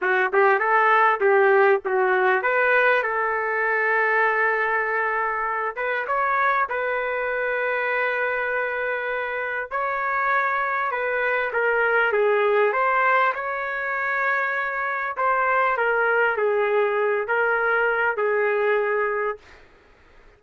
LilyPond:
\new Staff \with { instrumentName = "trumpet" } { \time 4/4 \tempo 4 = 99 fis'8 g'8 a'4 g'4 fis'4 | b'4 a'2.~ | a'4. b'8 cis''4 b'4~ | b'1 |
cis''2 b'4 ais'4 | gis'4 c''4 cis''2~ | cis''4 c''4 ais'4 gis'4~ | gis'8 ais'4. gis'2 | }